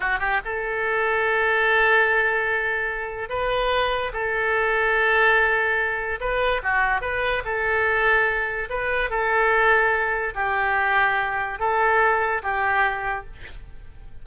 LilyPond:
\new Staff \with { instrumentName = "oboe" } { \time 4/4 \tempo 4 = 145 fis'8 g'8 a'2.~ | a'1 | b'2 a'2~ | a'2. b'4 |
fis'4 b'4 a'2~ | a'4 b'4 a'2~ | a'4 g'2. | a'2 g'2 | }